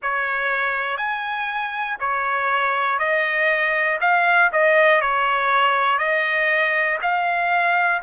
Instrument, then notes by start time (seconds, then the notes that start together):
trumpet
0.02 C#5
0.97 G#5
2.00 C#5
2.98 D#5
4.00 F5
4.52 D#5
5.00 C#5
5.98 D#5
7.02 F5